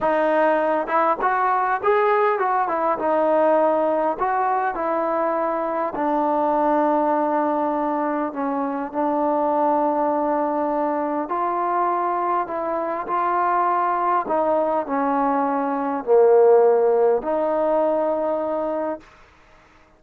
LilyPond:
\new Staff \with { instrumentName = "trombone" } { \time 4/4 \tempo 4 = 101 dis'4. e'8 fis'4 gis'4 | fis'8 e'8 dis'2 fis'4 | e'2 d'2~ | d'2 cis'4 d'4~ |
d'2. f'4~ | f'4 e'4 f'2 | dis'4 cis'2 ais4~ | ais4 dis'2. | }